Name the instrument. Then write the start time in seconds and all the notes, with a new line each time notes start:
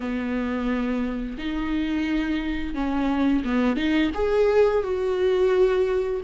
viola
0.00 B3
1.38 D#4
2.74 C#4
3.44 B3
3.76 D#4
4.14 G#4
4.83 F#4